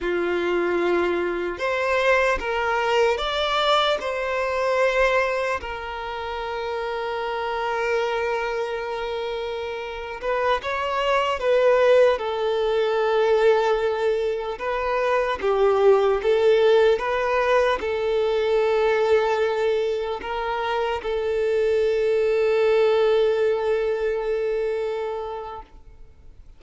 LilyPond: \new Staff \with { instrumentName = "violin" } { \time 4/4 \tempo 4 = 75 f'2 c''4 ais'4 | d''4 c''2 ais'4~ | ais'1~ | ais'8. b'8 cis''4 b'4 a'8.~ |
a'2~ a'16 b'4 g'8.~ | g'16 a'4 b'4 a'4.~ a'16~ | a'4~ a'16 ais'4 a'4.~ a'16~ | a'1 | }